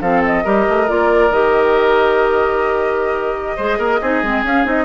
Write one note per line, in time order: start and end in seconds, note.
0.00 0.43 F3
0.00 0.45 C4
0.00 0.44 A4
0.00 0.22 F5
0.25 0.89 D#5
0.44 0.66 G3
0.44 0.87 G4
0.44 3.56 A#4
0.68 0.89 A3
0.87 1.30 A#3
0.87 1.30 F4
0.87 1.32 D5
1.30 3.56 D#3
1.30 3.59 G4
1.30 4.45 D#5
3.56 3.78 G#3
3.56 4.02 G#4
3.56 3.78 C5
3.78 3.99 A#3
3.78 4.00 A#4
4.01 4.22 C4
4.01 4.23 D#4
4.01 4.84 G#4
4.22 4.43 G#3
4.22 4.45 C4
4.43 4.65 C#4
4.43 4.64 C#4
4.43 4.67 F5
4.64 4.84 C4
4.64 4.84 D#4
4.64 4.84 D#5